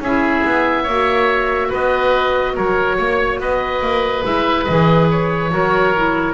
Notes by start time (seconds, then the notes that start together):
0.00 C#4 E4 G#4 E5
0.45 B3
0.83 A#3 F#4 C#5
1.69 B3 B4 D#5
2.55 F#3 A#4 C#5
2.97 A#3 C#5
3.40 B3 B4 D#5
3.81 A#3
4.24 G#3 E4 E5
4.64 E3 G#4 D#5
5.11 C#5
5.51 F#3 F#4 A#4
5.96 E4